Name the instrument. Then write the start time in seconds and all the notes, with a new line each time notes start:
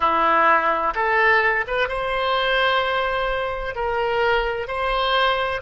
oboe
0.00 E4
0.94 A4
1.67 B4
1.88 C5
3.75 A#4
4.67 C5